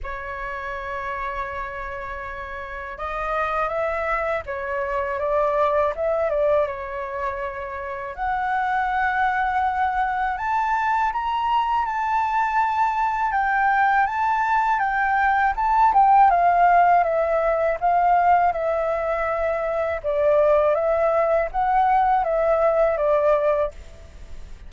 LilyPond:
\new Staff \with { instrumentName = "flute" } { \time 4/4 \tempo 4 = 81 cis''1 | dis''4 e''4 cis''4 d''4 | e''8 d''8 cis''2 fis''4~ | fis''2 a''4 ais''4 |
a''2 g''4 a''4 | g''4 a''8 g''8 f''4 e''4 | f''4 e''2 d''4 | e''4 fis''4 e''4 d''4 | }